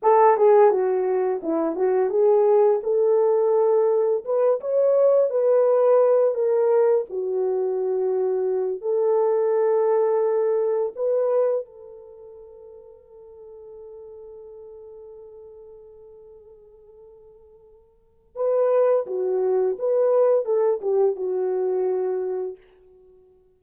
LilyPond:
\new Staff \with { instrumentName = "horn" } { \time 4/4 \tempo 4 = 85 a'8 gis'8 fis'4 e'8 fis'8 gis'4 | a'2 b'8 cis''4 b'8~ | b'4 ais'4 fis'2~ | fis'8 a'2. b'8~ |
b'8 a'2.~ a'8~ | a'1~ | a'2 b'4 fis'4 | b'4 a'8 g'8 fis'2 | }